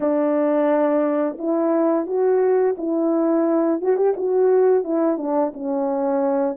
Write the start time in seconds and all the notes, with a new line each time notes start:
0.00 D4
1.38 E4
2.06 F#4
2.77 E4
3.81 F#4
3.97 G4
4.16 F#4
4.83 E4
5.17 D4
5.53 C#4